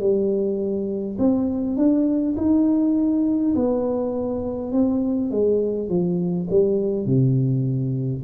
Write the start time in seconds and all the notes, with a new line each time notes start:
0.00 G3
1.19 C4
1.76 D4
2.37 D#4
3.56 B3
4.72 C4
5.31 G#3
5.89 F3
6.50 G3
7.06 C3